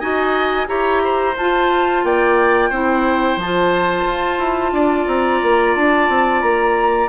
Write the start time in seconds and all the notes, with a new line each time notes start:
0.00 D#4 F#4 D#5 G#5
0.67 E4 G4 C#5 A#5
1.04 C5
1.37 F4 A5
2.04 A#3 D5 G5
2.70 C4 E4 C5
3.37 F3 A5
3.44 F4
4.06 F4
4.39 E4
4.73 D4 D5
5.07 C4 A#5
5.43 A#3
5.76 D4 A5
6.09 C4
6.42 A#3 A#5